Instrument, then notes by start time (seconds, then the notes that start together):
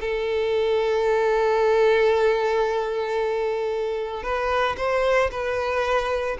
violin
0.00 A4
4.23 B4
4.77 C5
5.31 B4